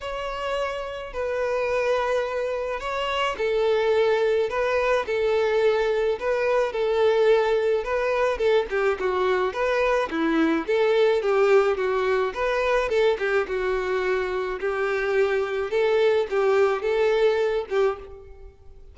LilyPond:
\new Staff \with { instrumentName = "violin" } { \time 4/4 \tempo 4 = 107 cis''2 b'2~ | b'4 cis''4 a'2 | b'4 a'2 b'4 | a'2 b'4 a'8 g'8 |
fis'4 b'4 e'4 a'4 | g'4 fis'4 b'4 a'8 g'8 | fis'2 g'2 | a'4 g'4 a'4. g'8 | }